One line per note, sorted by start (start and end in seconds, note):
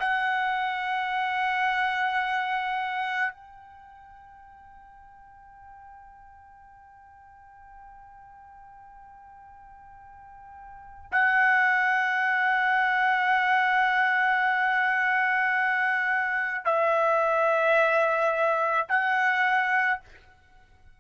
0.00 3.33 F#5
3.33 11.11 G5
11.12 16.66 F#5
16.66 18.88 E5
18.89 20.01 F#5